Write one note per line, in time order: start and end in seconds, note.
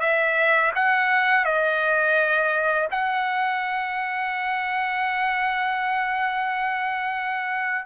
0.00 0.71 E5
0.75 1.45 F#5
1.45 2.88 D#5
2.91 7.85 F#5